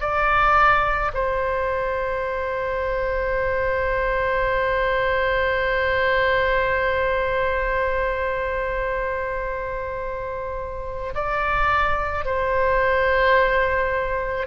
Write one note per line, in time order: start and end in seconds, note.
0.00 1.11 D5
1.14 11.14 C5
11.15 12.25 D5
12.25 14.47 C5